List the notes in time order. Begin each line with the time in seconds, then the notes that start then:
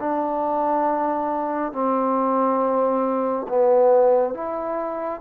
0.00 D4
1.73 C4
3.49 B3
4.34 E4